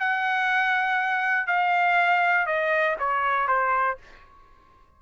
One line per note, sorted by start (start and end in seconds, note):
0.00 1.47 F#5
1.47 2.47 F5
2.47 2.97 D#5
3.00 3.48 C#5
3.48 3.98 C5